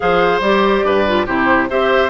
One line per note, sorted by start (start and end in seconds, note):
0.00 0.40 F3
0.00 0.42 G#4
0.00 0.85 C5
0.00 0.41 F5
0.40 0.82 G3
0.40 1.06 G4
0.40 1.27 D5
0.84 1.26 G2
0.84 1.26 B4
1.07 1.26 F4
1.26 1.70 C3
1.26 1.69 E4
1.26 1.68 G4
1.26 1.69 C5
1.69 2.09 C4
1.69 2.09 G4
1.69 2.09 C5
1.69 2.09 E5